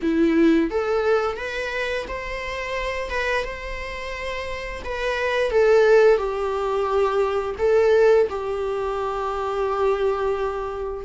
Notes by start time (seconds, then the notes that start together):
0.02 E4
0.70 A4
1.36 B4
2.08 C5
3.10 B4
3.44 C5
4.84 B4
5.50 A4
6.17 G4
7.58 A4
8.29 G4